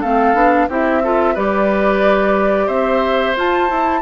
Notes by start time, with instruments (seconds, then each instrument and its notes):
0.00 bassoon A3, clarinet C4, oboe A4, flute F5
0.34 bassoon B3, clarinet D4
0.69 bassoon C4, clarinet E4, oboe G4, flute E5
1.03 clarinet F4, oboe A4
1.34 bassoon G3, clarinet G4, oboe B4, flute D5
2.67 bassoon C4, oboe C5, flute E5
3.36 clarinet F4, bassoon F4, flute A5
3.68 clarinet E4, bassoon E4